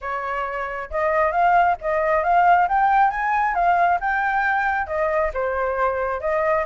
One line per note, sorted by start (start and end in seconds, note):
0.01 0.90 C#5
0.90 1.31 D#5
1.31 1.76 F5
1.81 2.23 D#5
2.23 2.67 F5
2.68 3.10 G5
3.10 3.54 G#5
3.54 3.99 F5
4.00 4.86 G5
4.86 5.31 D#5
5.33 6.20 C5
6.20 6.65 D#5